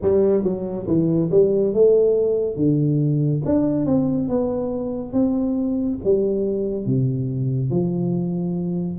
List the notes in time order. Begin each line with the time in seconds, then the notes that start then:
0.02 G3
0.43 F#3
0.86 E3
1.31 G3
1.73 A3
2.56 D3
3.45 D4
3.86 C4
4.29 B3
5.12 C4
6.04 G3
6.86 C3
7.70 F3